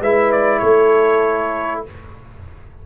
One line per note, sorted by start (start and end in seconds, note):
0.00 0.61 G#3
0.00 1.86 E4
0.00 0.60 B4
0.00 0.32 E5
0.32 0.59 D5
0.59 1.84 A3
0.59 1.82 A4
0.59 1.82 C#5